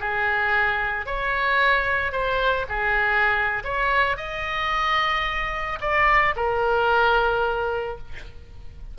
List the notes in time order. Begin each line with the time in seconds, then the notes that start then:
0.00 G#4
1.06 C#5
2.12 C5
2.69 G#4
3.64 C#5
4.17 D#5
5.81 D5
6.36 A#4